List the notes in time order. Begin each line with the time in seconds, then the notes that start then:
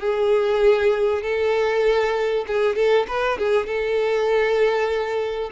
0.00 G#4
1.22 A4
2.47 G#4
2.76 A4
3.08 B4
3.38 G#4
3.67 A4